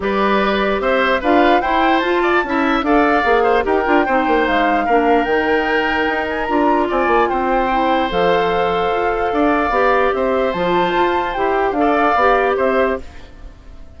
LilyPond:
<<
  \new Staff \with { instrumentName = "flute" } { \time 4/4 \tempo 4 = 148 d''2 e''4 f''4 | g''4 a''2 f''4~ | f''4 g''2 f''4~ | f''4 g''2~ g''8 gis''8 |
ais''4 gis''4 g''2 | f''1~ | f''4 e''4 a''2 | g''4 f''2 e''4 | }
  \new Staff \with { instrumentName = "oboe" } { \time 4/4 b'2 c''4 b'4 | c''4. d''8 e''4 d''4~ | d''8 c''8 ais'4 c''2 | ais'1~ |
ais'4 d''4 c''2~ | c''2. d''4~ | d''4 c''2.~ | c''4 d''2 c''4 | }
  \new Staff \with { instrumentName = "clarinet" } { \time 4/4 g'2. f'4 | e'4 f'4 e'4 a'4 | gis'4 g'8 f'8 dis'2 | d'4 dis'2. |
f'2. e'4 | a'1 | g'2 f'2 | g'4 a'4 g'2 | }
  \new Staff \with { instrumentName = "bassoon" } { \time 4/4 g2 c'4 d'4 | e'4 f'4 cis'4 d'4 | ais4 dis'8 d'8 c'8 ais8 gis4 | ais4 dis2 dis'4 |
d'4 c'8 ais8 c'2 | f2 f'4 d'4 | b4 c'4 f4 f'4 | e'4 d'4 b4 c'4 | }
>>